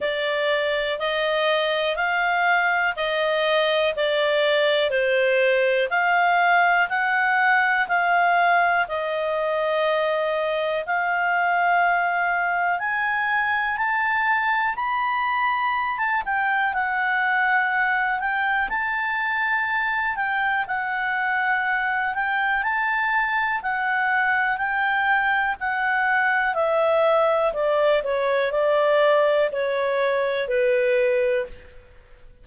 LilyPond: \new Staff \with { instrumentName = "clarinet" } { \time 4/4 \tempo 4 = 61 d''4 dis''4 f''4 dis''4 | d''4 c''4 f''4 fis''4 | f''4 dis''2 f''4~ | f''4 gis''4 a''4 b''4~ |
b''16 a''16 g''8 fis''4. g''8 a''4~ | a''8 g''8 fis''4. g''8 a''4 | fis''4 g''4 fis''4 e''4 | d''8 cis''8 d''4 cis''4 b'4 | }